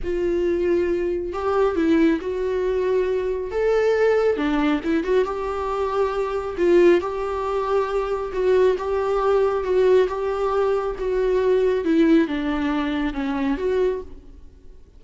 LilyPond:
\new Staff \with { instrumentName = "viola" } { \time 4/4 \tempo 4 = 137 f'2. g'4 | e'4 fis'2. | a'2 d'4 e'8 fis'8 | g'2. f'4 |
g'2. fis'4 | g'2 fis'4 g'4~ | g'4 fis'2 e'4 | d'2 cis'4 fis'4 | }